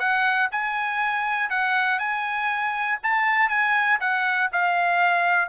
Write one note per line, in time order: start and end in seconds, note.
0.00 0.50 F#5
0.52 1.50 G#5
1.50 1.99 F#5
1.99 2.99 G#5
3.04 3.49 A5
3.49 3.99 G#5
4.01 4.51 F#5
4.52 5.49 F5